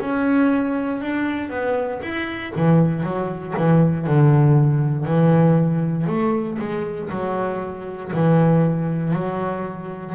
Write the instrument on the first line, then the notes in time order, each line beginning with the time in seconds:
double bass
0.00 C#4
1.01 D4
1.50 B3
2.02 E4
2.56 E3
3.03 F#3
3.57 E3
4.06 D3
5.05 E3
6.06 A3
6.58 G#3
7.10 F#3
8.12 E3
9.13 F#3